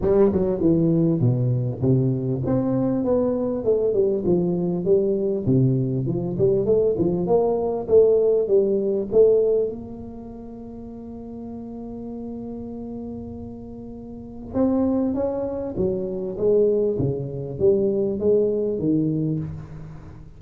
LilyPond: \new Staff \with { instrumentName = "tuba" } { \time 4/4 \tempo 4 = 99 g8 fis8 e4 b,4 c4 | c'4 b4 a8 g8 f4 | g4 c4 f8 g8 a8 f8 | ais4 a4 g4 a4 |
ais1~ | ais1 | c'4 cis'4 fis4 gis4 | cis4 g4 gis4 dis4 | }